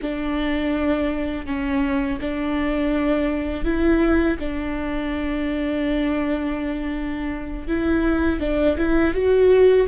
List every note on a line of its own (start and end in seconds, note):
0.01 1.46 D4
1.46 2.19 C#4
2.21 3.64 D4
3.64 4.37 E4
4.39 7.67 D4
7.67 8.40 E4
8.40 8.76 D4
8.77 9.14 E4
9.14 9.87 F#4